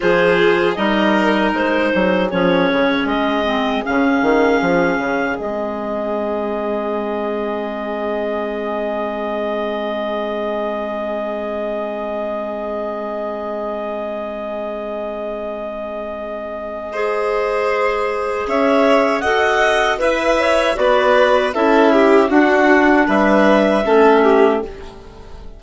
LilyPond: <<
  \new Staff \with { instrumentName = "clarinet" } { \time 4/4 \tempo 4 = 78 c''4 dis''4 c''4 cis''4 | dis''4 f''2 dis''4~ | dis''1~ | dis''1~ |
dis''1~ | dis''1 | e''4 fis''4 b'8 cis''8 d''4 | e''4 fis''4 e''2 | }
  \new Staff \with { instrumentName = "violin" } { \time 4/4 gis'4 ais'4. gis'4.~ | gis'1~ | gis'1~ | gis'1~ |
gis'1~ | gis'2 c''2 | cis''4 dis''4 e''4 b'4 | a'8 g'8 fis'4 b'4 a'8 g'8 | }
  \new Staff \with { instrumentName = "clarinet" } { \time 4/4 f'4 dis'2 cis'4~ | cis'8 c'8 cis'2 c'4~ | c'1~ | c'1~ |
c'1~ | c'2 gis'2~ | gis'4 a'4 b'4 fis'4 | e'4 d'2 cis'4 | }
  \new Staff \with { instrumentName = "bassoon" } { \time 4/4 f4 g4 gis8 fis8 f8 cis8 | gis4 cis8 dis8 f8 cis8 gis4~ | gis1~ | gis1~ |
gis1~ | gis1 | cis'4 fis'4 e'4 b4 | cis'4 d'4 g4 a4 | }
>>